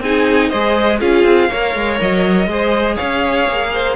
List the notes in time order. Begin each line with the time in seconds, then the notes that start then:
0.00 C4 D#4 G#4 G#5
0.49 G#3 G#4 C5 D#5
1.00 C#4 F4 G#4 F5
1.25 C4
1.49 A#3 A#4 C#5
1.75 G#3
2.01 F#3 D#5
2.47 G#3 G#4 C5
2.95 C#4 C#5 F5
3.49 A#3
3.73 C5